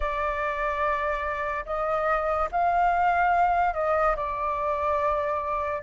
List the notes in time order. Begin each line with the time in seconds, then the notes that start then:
0.00 D5
1.65 D#5
2.51 F5
3.73 D#5
4.16 D5